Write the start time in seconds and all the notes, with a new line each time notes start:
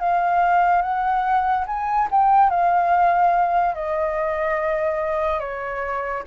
0.00 F5
0.82 F#5
1.67 G#5
2.11 G5
2.50 F5
3.75 D#5
5.40 C#5